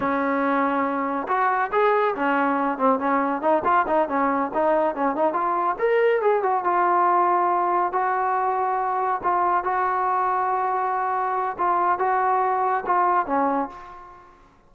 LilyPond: \new Staff \with { instrumentName = "trombone" } { \time 4/4 \tempo 4 = 140 cis'2. fis'4 | gis'4 cis'4. c'8 cis'4 | dis'8 f'8 dis'8 cis'4 dis'4 cis'8 | dis'8 f'4 ais'4 gis'8 fis'8 f'8~ |
f'2~ f'8 fis'4.~ | fis'4. f'4 fis'4.~ | fis'2. f'4 | fis'2 f'4 cis'4 | }